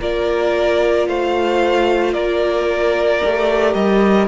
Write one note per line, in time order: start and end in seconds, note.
0.00 1.08 A#3
0.00 3.21 F4
0.00 1.07 A#4
0.00 1.08 D5
1.08 2.14 A3
1.08 2.14 C5
1.08 2.13 F5
2.13 3.21 A#3
2.13 4.28 A#4
2.13 3.74 D5
3.24 3.74 A3
3.24 4.28 G4
3.74 4.28 G3
3.74 4.27 D#5